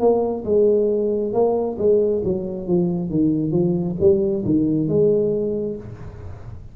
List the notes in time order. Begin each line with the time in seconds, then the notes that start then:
0.00 A#3
0.45 G#3
1.33 A#3
1.78 G#3
2.25 F#3
2.68 F3
3.10 D#3
3.51 F3
4.00 G3
4.45 D#3
4.89 G#3